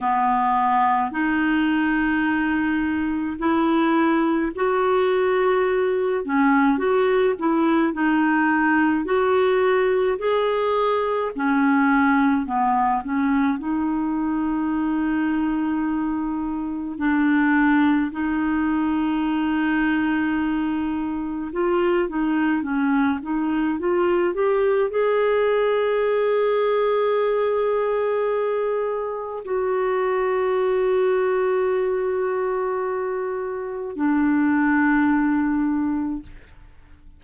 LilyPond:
\new Staff \with { instrumentName = "clarinet" } { \time 4/4 \tempo 4 = 53 b4 dis'2 e'4 | fis'4. cis'8 fis'8 e'8 dis'4 | fis'4 gis'4 cis'4 b8 cis'8 | dis'2. d'4 |
dis'2. f'8 dis'8 | cis'8 dis'8 f'8 g'8 gis'2~ | gis'2 fis'2~ | fis'2 d'2 | }